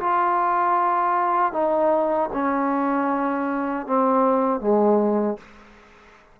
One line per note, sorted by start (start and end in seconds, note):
0.00 1.53 F4
1.53 2.30 D#4
2.33 3.87 C#4
3.87 4.60 C4
4.60 5.37 G#3